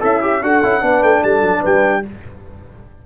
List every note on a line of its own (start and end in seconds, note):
0.00 0.42 C#4
0.00 0.41 E4
0.00 0.20 A4
0.00 0.43 E5
0.21 0.41 G4
0.42 0.62 D4
0.42 0.62 F#4
0.42 0.83 A4
0.42 1.03 F#5
0.62 0.82 C#4
0.62 0.81 E4
0.81 1.02 B3
0.81 2.03 D4
0.81 1.21 B4
1.02 1.22 A3
1.02 1.23 G5
1.21 1.41 G3
1.21 1.60 A4
1.21 1.64 A5
1.41 1.62 F#3
1.60 2.06 G3
1.60 2.01 B4
1.60 2.05 G5